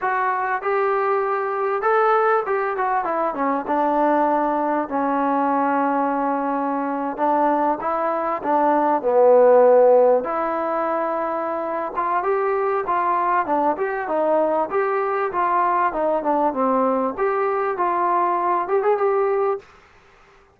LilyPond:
\new Staff \with { instrumentName = "trombone" } { \time 4/4 \tempo 4 = 98 fis'4 g'2 a'4 | g'8 fis'8 e'8 cis'8 d'2 | cis'2.~ cis'8. d'16~ | d'8. e'4 d'4 b4~ b16~ |
b8. e'2~ e'8. f'8 | g'4 f'4 d'8 g'8 dis'4 | g'4 f'4 dis'8 d'8 c'4 | g'4 f'4. g'16 gis'16 g'4 | }